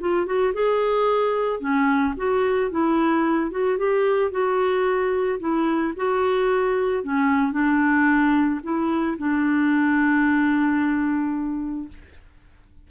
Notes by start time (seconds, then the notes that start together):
0.00 F4
0.26 F#4
0.54 G#4
1.60 C#4
2.17 F#4
2.71 E4
3.51 F#4
3.78 G4
4.31 F#4
5.40 E4
5.96 F#4
7.03 C#4
7.52 D4
8.63 E4
9.18 D4